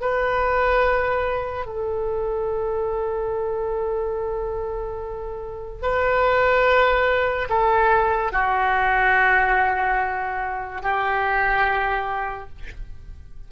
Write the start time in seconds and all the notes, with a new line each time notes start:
0.00 B4
1.66 A4
5.81 B4
7.49 A4
8.32 F#4
10.82 G4